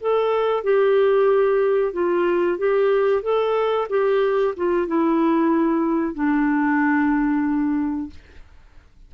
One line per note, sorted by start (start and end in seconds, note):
0.00 0.63 A4
0.63 1.93 G4
1.93 2.58 F4
2.58 3.22 G4
3.22 3.87 A4
3.89 4.54 G4
4.56 4.87 F4
4.87 6.14 E4
6.14 8.10 D4